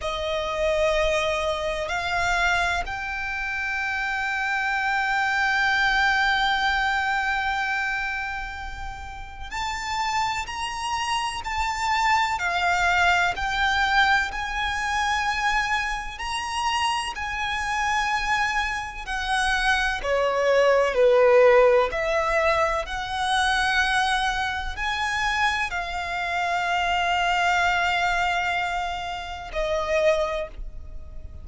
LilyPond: \new Staff \with { instrumentName = "violin" } { \time 4/4 \tempo 4 = 63 dis''2 f''4 g''4~ | g''1~ | g''2 a''4 ais''4 | a''4 f''4 g''4 gis''4~ |
gis''4 ais''4 gis''2 | fis''4 cis''4 b'4 e''4 | fis''2 gis''4 f''4~ | f''2. dis''4 | }